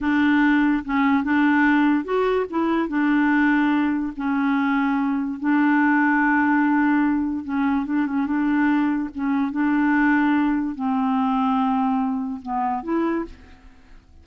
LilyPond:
\new Staff \with { instrumentName = "clarinet" } { \time 4/4 \tempo 4 = 145 d'2 cis'4 d'4~ | d'4 fis'4 e'4 d'4~ | d'2 cis'2~ | cis'4 d'2.~ |
d'2 cis'4 d'8 cis'8 | d'2 cis'4 d'4~ | d'2 c'2~ | c'2 b4 e'4 | }